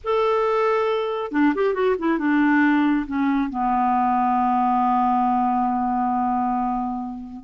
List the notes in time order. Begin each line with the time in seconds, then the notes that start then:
0.04 A4
1.31 D4
1.54 G4
1.73 F#4
1.98 E4
2.18 D4
3.07 C#4
3.49 B3